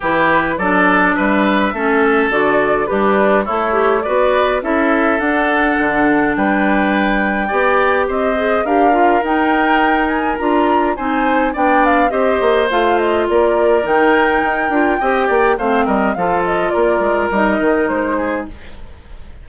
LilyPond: <<
  \new Staff \with { instrumentName = "flute" } { \time 4/4 \tempo 4 = 104 b'4 d''4 e''2 | d''4 b'4 cis''4 d''4 | e''4 fis''2 g''4~ | g''2 dis''4 f''4 |
g''4. gis''8 ais''4 gis''4 | g''8 f''8 dis''4 f''8 dis''8 d''4 | g''2. f''8 dis''8 | f''8 dis''8 d''4 dis''4 c''4 | }
  \new Staff \with { instrumentName = "oboe" } { \time 4/4 g'4 a'4 b'4 a'4~ | a'4 d'4 e'4 b'4 | a'2. b'4~ | b'4 d''4 c''4 ais'4~ |
ais'2. c''4 | d''4 c''2 ais'4~ | ais'2 dis''8 d''8 c''8 ais'8 | a'4 ais'2~ ais'8 gis'8 | }
  \new Staff \with { instrumentName = "clarinet" } { \time 4/4 e'4 d'2 cis'4 | fis'4 g'4 a'8 g'8 fis'4 | e'4 d'2.~ | d'4 g'4. gis'8 g'8 f'8 |
dis'2 f'4 dis'4 | d'4 g'4 f'2 | dis'4. f'8 g'4 c'4 | f'2 dis'2 | }
  \new Staff \with { instrumentName = "bassoon" } { \time 4/4 e4 fis4 g4 a4 | d4 g4 a4 b4 | cis'4 d'4 d4 g4~ | g4 b4 c'4 d'4 |
dis'2 d'4 c'4 | b4 c'8 ais8 a4 ais4 | dis4 dis'8 d'8 c'8 ais8 a8 g8 | f4 ais8 gis8 g8 dis8 gis4 | }
>>